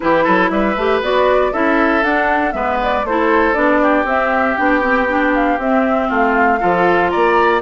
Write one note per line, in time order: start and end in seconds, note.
0.00 0.27 E3
0.00 0.76 E4
0.00 0.24 G4
0.00 0.50 B4
0.24 0.50 F#3
0.24 0.49 A4
0.50 0.75 G3
0.50 1.52 B4
0.50 1.01 E5
0.76 1.01 A3
0.76 1.02 G4
1.01 1.52 B3
1.01 1.52 F#4
1.01 1.52 D5
1.52 2.03 C#4
1.52 2.03 E4
1.52 2.54 A4
1.52 2.03 E5
2.03 2.53 D4
2.03 2.51 D4
2.03 2.52 F#5
2.51 3.04 G#3
2.51 3.02 B3
2.51 3.06 B4
2.51 2.77 E5
2.83 3.05 D5
3.04 3.55 A3
3.04 3.54 E4
3.04 3.81 A4
3.04 3.54 C5
3.54 4.04 B3
3.54 4.05 D4
3.54 4.04 D5
3.81 6.08 G4
4.04 4.54 C4
4.04 4.57 C4
4.04 4.57 E5
4.57 5.58 B3
4.57 4.81 D4
4.57 5.33 G5
4.81 5.07 C4
5.08 5.59 D4
5.34 5.59 F5
5.58 6.08 C4
5.58 6.59 C4
5.58 6.11 E5
6.08 6.60 A3
6.08 6.59 F4
6.08 7.09 F5
6.59 7.13 F3
6.59 7.61 F4
6.59 7.11 A4
7.09 7.62 A#3
7.09 7.62 D5
7.09 7.60 A#5